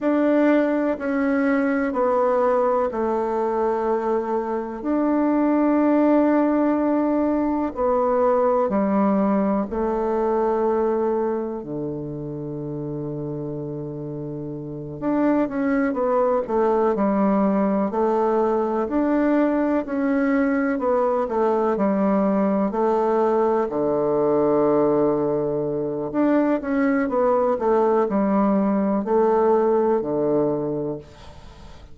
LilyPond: \new Staff \with { instrumentName = "bassoon" } { \time 4/4 \tempo 4 = 62 d'4 cis'4 b4 a4~ | a4 d'2. | b4 g4 a2 | d2.~ d8 d'8 |
cis'8 b8 a8 g4 a4 d'8~ | d'8 cis'4 b8 a8 g4 a8~ | a8 d2~ d8 d'8 cis'8 | b8 a8 g4 a4 d4 | }